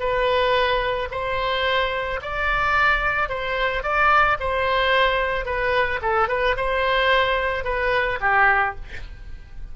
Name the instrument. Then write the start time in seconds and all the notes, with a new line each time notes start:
oboe
0.00 B4
1.11 C5
2.22 D5
3.30 C5
3.83 D5
4.40 C5
5.46 B4
6.02 A4
6.29 B4
6.57 C5
7.65 B4
8.21 G4